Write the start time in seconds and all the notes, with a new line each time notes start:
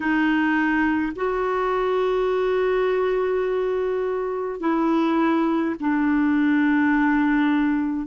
0.00 D#4
1.15 F#4
4.59 E4
5.80 D4